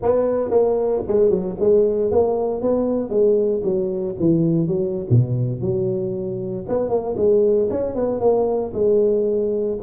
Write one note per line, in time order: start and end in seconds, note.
0.02 0.50 B3
0.50 1.02 A#3
1.07 1.29 G#3
1.29 1.56 F#3
1.59 2.11 G#3
2.11 2.61 A#3
2.61 3.09 B3
3.09 3.61 G#3
3.63 4.15 F#3
4.19 4.67 E3
4.67 5.06 F#3
5.10 5.61 B2
5.61 6.65 F#3
6.68 6.89 B3
6.89 7.15 A#3
7.16 7.69 G#3
7.70 7.95 C#4
7.95 8.20 B3
8.20 8.72 A#3
8.73 9.78 G#3